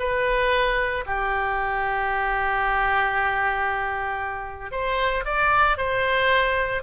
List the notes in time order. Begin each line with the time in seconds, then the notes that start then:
0.00 B4
1.07 G4
4.72 C5
5.26 D5
5.78 C5